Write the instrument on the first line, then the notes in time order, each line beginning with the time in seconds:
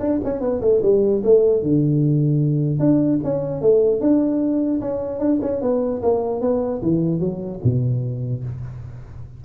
tuba
0.00 D4
0.24 C#4
0.41 B3
0.61 A3
0.82 G3
1.24 A3
1.63 D3
2.80 D4
3.24 C#4
3.62 A3
4.01 D4
4.81 C#4
5.20 D4
5.42 C#4
5.61 B3
6.03 A#3
6.41 B3
6.83 E3
7.20 F#3
7.64 B2